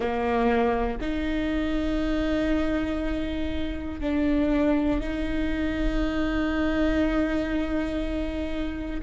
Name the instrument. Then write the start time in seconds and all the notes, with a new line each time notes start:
viola
0.00 A#3
1.00 D#4
4.00 D4
5.00 D#4